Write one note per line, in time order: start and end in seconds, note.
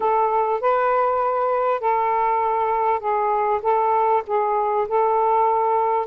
0.00 0.60 A4
0.60 1.80 B4
1.80 2.99 A4
2.99 3.60 G#4
3.62 4.23 A4
4.26 4.87 G#4
4.88 6.06 A4